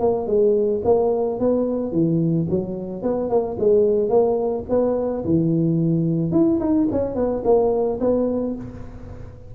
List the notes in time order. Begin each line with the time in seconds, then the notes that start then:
0.00 A#3
0.27 G#3
0.85 A#3
1.40 B3
1.92 E3
2.50 F#3
3.02 B3
3.30 A#3
3.59 G#3
4.09 A#3
4.69 B3
5.25 E3
6.32 E4
6.60 D#4
6.92 C#4
7.15 B3
7.45 A#3
8.00 B3